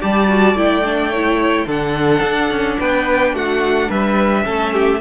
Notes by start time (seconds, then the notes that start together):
0.00 G3 G4 D5 A5
0.29 F#4
0.54 A3 E4 G5
0.84 D4
1.11 E4 C#5
1.67 D3 D4 A4 F#5
2.23 D4
2.50 C#4
2.80 B3 B4 G5
3.33 A3 F#4 F#5
3.89 G3 B4 E5
4.43 A3 C#4 A4
4.73 G4